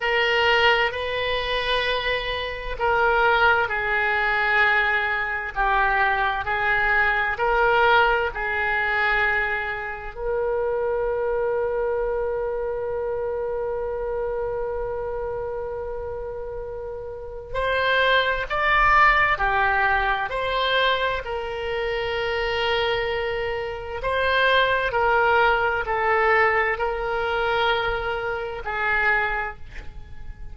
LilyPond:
\new Staff \with { instrumentName = "oboe" } { \time 4/4 \tempo 4 = 65 ais'4 b'2 ais'4 | gis'2 g'4 gis'4 | ais'4 gis'2 ais'4~ | ais'1~ |
ais'2. c''4 | d''4 g'4 c''4 ais'4~ | ais'2 c''4 ais'4 | a'4 ais'2 gis'4 | }